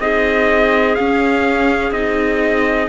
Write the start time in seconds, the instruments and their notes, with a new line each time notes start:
0.00 cello C4, viola D#4, clarinet G#4, trumpet D#5
0.95 viola C#4, cello C#4, trumpet F5
1.91 cello C4, viola D#4, trumpet D#5